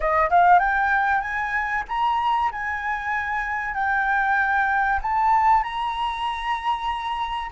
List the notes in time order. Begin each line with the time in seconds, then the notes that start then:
0.00 D#5
0.30 F5
0.59 G5
1.21 G#5
1.88 A#5
2.51 G#5
3.74 G5
5.02 A5
5.62 A#5